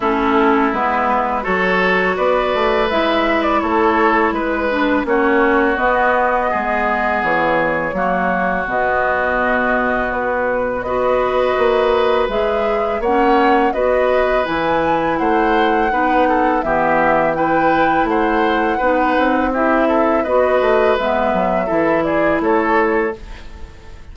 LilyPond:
<<
  \new Staff \with { instrumentName = "flute" } { \time 4/4 \tempo 4 = 83 a'4 b'4 cis''4 d''4 | e''8. d''16 cis''4 b'4 cis''4 | dis''2 cis''2 | dis''2 b'4 dis''4~ |
dis''4 e''4 fis''4 dis''4 | gis''4 fis''2 e''4 | g''4 fis''2 e''4 | dis''4 e''4. d''8 cis''4 | }
  \new Staff \with { instrumentName = "oboe" } { \time 4/4 e'2 a'4 b'4~ | b'4 a'4 b'4 fis'4~ | fis'4 gis'2 fis'4~ | fis'2. b'4~ |
b'2 cis''4 b'4~ | b'4 c''4 b'8 a'8 g'4 | b'4 c''4 b'4 g'8 a'8 | b'2 a'8 gis'8 a'4 | }
  \new Staff \with { instrumentName = "clarinet" } { \time 4/4 cis'4 b4 fis'2 | e'2~ e'8 d'8 cis'4 | b2. ais4 | b2. fis'4~ |
fis'4 gis'4 cis'4 fis'4 | e'2 dis'4 b4 | e'2 dis'4 e'4 | fis'4 b4 e'2 | }
  \new Staff \with { instrumentName = "bassoon" } { \time 4/4 a4 gis4 fis4 b8 a8 | gis4 a4 gis4 ais4 | b4 gis4 e4 fis4 | b,2. b4 |
ais4 gis4 ais4 b4 | e4 a4 b4 e4~ | e4 a4 b8 c'4. | b8 a8 gis8 fis8 e4 a4 | }
>>